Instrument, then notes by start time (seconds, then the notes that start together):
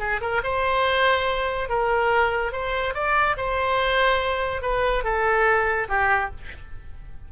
oboe
0.00 G#4
0.21 A#4
0.44 C5
1.69 A#4
2.53 C5
2.95 D5
3.38 C5
4.62 B4
5.04 A4
5.89 G4